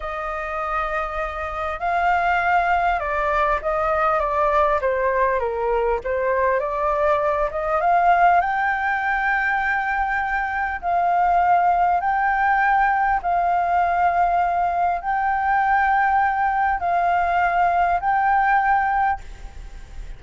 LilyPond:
\new Staff \with { instrumentName = "flute" } { \time 4/4 \tempo 4 = 100 dis''2. f''4~ | f''4 d''4 dis''4 d''4 | c''4 ais'4 c''4 d''4~ | d''8 dis''8 f''4 g''2~ |
g''2 f''2 | g''2 f''2~ | f''4 g''2. | f''2 g''2 | }